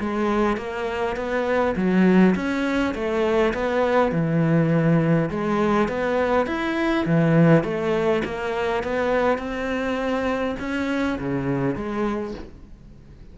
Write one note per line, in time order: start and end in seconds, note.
0.00 0.57 G#3
0.57 1.16 A#3
1.16 1.75 B3
1.76 2.35 F#3
2.36 2.95 C#4
2.95 3.54 A3
3.54 4.12 B3
4.12 5.30 E3
5.31 5.89 G#3
5.89 6.47 B3
6.47 7.06 E4
7.06 7.64 E3
7.64 8.23 A3
8.25 8.84 A#3
8.84 9.39 B3
9.39 10.56 C4
10.60 11.19 C#4
11.19 11.76 C#3
11.76 12.34 G#3